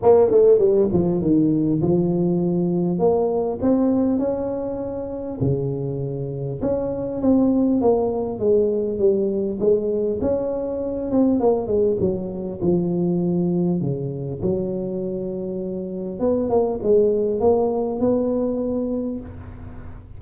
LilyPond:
\new Staff \with { instrumentName = "tuba" } { \time 4/4 \tempo 4 = 100 ais8 a8 g8 f8 dis4 f4~ | f4 ais4 c'4 cis'4~ | cis'4 cis2 cis'4 | c'4 ais4 gis4 g4 |
gis4 cis'4. c'8 ais8 gis8 | fis4 f2 cis4 | fis2. b8 ais8 | gis4 ais4 b2 | }